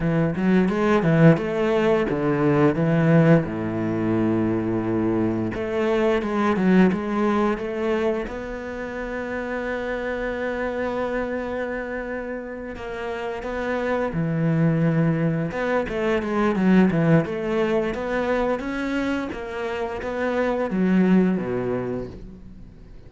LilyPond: \new Staff \with { instrumentName = "cello" } { \time 4/4 \tempo 4 = 87 e8 fis8 gis8 e8 a4 d4 | e4 a,2. | a4 gis8 fis8 gis4 a4 | b1~ |
b2~ b8 ais4 b8~ | b8 e2 b8 a8 gis8 | fis8 e8 a4 b4 cis'4 | ais4 b4 fis4 b,4 | }